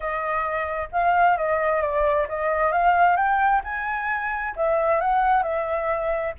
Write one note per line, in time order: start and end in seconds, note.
0.00 0.89 D#5
0.92 1.37 F5
1.37 1.81 D#5
1.81 2.27 D5
2.28 2.71 D#5
2.71 3.16 F5
3.16 3.61 G5
3.64 4.55 G#5
4.56 5.00 E5
5.00 5.43 F#5
5.43 6.33 E5